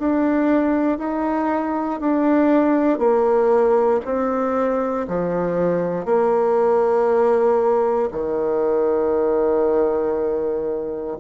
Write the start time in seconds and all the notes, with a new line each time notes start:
0.00 D4
0.99 D#4
2.01 D4
2.99 A#3
4.05 C4
5.08 F3
6.06 A#3
8.12 D#3